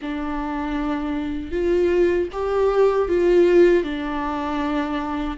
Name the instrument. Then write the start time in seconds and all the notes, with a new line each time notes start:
viola
0.01 D4
1.51 F4
2.32 G4
3.08 F4
3.83 D4